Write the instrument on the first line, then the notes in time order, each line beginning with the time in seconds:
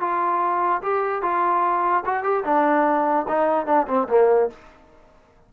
trombone
0.00 F4
0.82 G4
1.22 F4
2.05 F#4
2.23 G4
2.44 D4
3.28 D#4
3.66 D4
3.87 C4
4.08 A#3